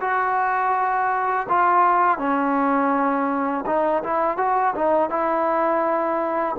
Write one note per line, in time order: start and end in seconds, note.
0.00 1.46 F#4
1.48 2.18 F4
2.18 3.64 C#4
3.66 4.02 D#4
4.03 4.37 E4
4.37 4.74 F#4
4.75 5.09 D#4
5.09 6.56 E4